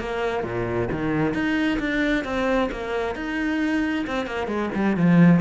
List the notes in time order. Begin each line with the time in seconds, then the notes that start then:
0.00 A#3
0.44 A#2
0.92 D#3
1.34 D#4
1.79 D4
2.25 C4
2.72 A#3
3.16 D#4
4.07 C4
4.27 A#3
4.47 G#3
4.75 G3
4.96 F3